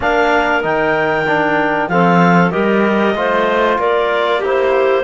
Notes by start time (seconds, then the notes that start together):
0.00 A#3 D4 A#4 F5
0.62 D#3 D#4 G5
1.27 D4
1.87 F3 C4 A4 F5
2.50 G3 G4 A#4 D#5
3.14 A3 F4 C5
3.78 A#3 A#4 D5
4.39 E4 G4 C5